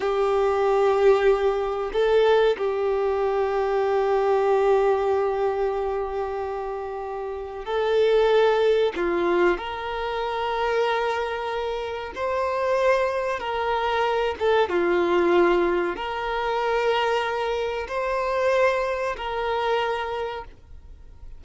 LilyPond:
\new Staff \with { instrumentName = "violin" } { \time 4/4 \tempo 4 = 94 g'2. a'4 | g'1~ | g'1 | a'2 f'4 ais'4~ |
ais'2. c''4~ | c''4 ais'4. a'8 f'4~ | f'4 ais'2. | c''2 ais'2 | }